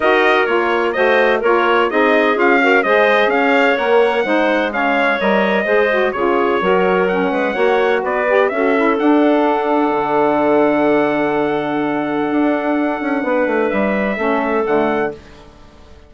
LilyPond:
<<
  \new Staff \with { instrumentName = "trumpet" } { \time 4/4 \tempo 4 = 127 dis''4 cis''4 dis''4 cis''4 | dis''4 f''4 dis''4 f''4 | fis''2 f''4 dis''4~ | dis''4 cis''2 fis''4~ |
fis''4 d''4 e''4 fis''4~ | fis''1~ | fis''1~ | fis''4 e''2 fis''4 | }
  \new Staff \with { instrumentName = "clarinet" } { \time 4/4 ais'2 c''4 ais'4 | gis'4. ais'8 c''4 cis''4~ | cis''4 c''4 cis''2 | c''4 gis'4 ais'4. b'8 |
cis''4 b'4 a'2~ | a'1~ | a'1 | b'2 a'2 | }
  \new Staff \with { instrumentName = "saxophone" } { \time 4/4 fis'4 f'4 fis'4 f'4 | dis'4 f'8 fis'8 gis'2 | ais'4 dis'4 cis'4 ais'4 | gis'8 fis'8 f'4 fis'4 cis'4 |
fis'4. g'8 fis'8 e'8 d'4~ | d'1~ | d'1~ | d'2 cis'4 a4 | }
  \new Staff \with { instrumentName = "bassoon" } { \time 4/4 dis'4 ais4 a4 ais4 | c'4 cis'4 gis4 cis'4 | ais4 gis2 g4 | gis4 cis4 fis4. gis8 |
ais4 b4 cis'4 d'4~ | d'4 d2.~ | d2 d'4. cis'8 | b8 a8 g4 a4 d4 | }
>>